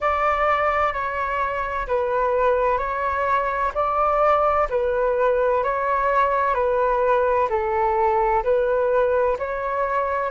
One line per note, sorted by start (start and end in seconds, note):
0.00 0.92 D5
0.92 1.86 C#5
1.87 2.78 B4
2.78 3.72 C#5
3.74 4.68 D5
4.69 5.63 B4
5.63 6.54 C#5
6.54 7.48 B4
7.49 8.43 A4
8.43 9.37 B4
9.38 10.30 C#5